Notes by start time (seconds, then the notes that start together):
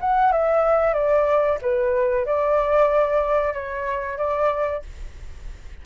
0.00 F#5
0.32 E5
0.94 D5
1.62 B4
2.25 D5
3.53 C#5
4.18 D5